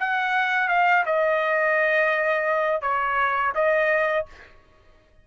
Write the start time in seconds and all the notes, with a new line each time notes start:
0.00 F#5
0.69 F5
1.06 D#5
2.82 C#5
3.55 D#5